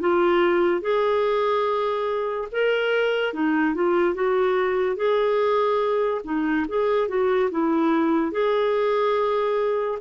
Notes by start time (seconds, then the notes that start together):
0.00 F4
0.81 G#4
2.52 A#4
3.33 D#4
3.75 F4
4.14 F#4
4.96 G#4
6.24 D#4
6.68 G#4
7.08 F#4
7.51 E4
8.32 G#4